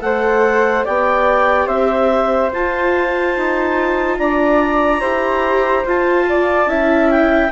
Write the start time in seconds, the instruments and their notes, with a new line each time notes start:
0.00 bassoon A3, viola A4, flute C5, clarinet F#5
0.85 bassoon B3, viola G4, flute D5, clarinet G5
1.67 bassoon C4, flute C5, clarinet E5
2.53 viola F4, bassoon F4, clarinet A5
3.37 bassoon D#4
4.19 bassoon D4, flute D5, clarinet A#5
5.01 bassoon E4, viola G4, flute C5
5.85 bassoon F4, viola F4, clarinet A5
6.29 flute D5
6.66 bassoon C#4, viola E4, flute E5
7.11 clarinet G5